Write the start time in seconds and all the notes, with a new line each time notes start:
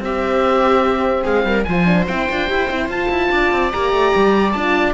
0.00 C4 G4 E5
1.24 G#3 G#4 F5
1.45 G3 A#4
1.64 F3 F4 C5 G#5
1.86 D4
2.08 C4 E4 G5
2.30 D4 F4
2.47 E4 G4
2.70 C4 E4
2.89 F4 A5
3.10 E4
3.32 D4 D5
3.53 C4
3.73 A#3 G4 A#5
3.93 A3
4.16 G3
4.53 D4 F4 A5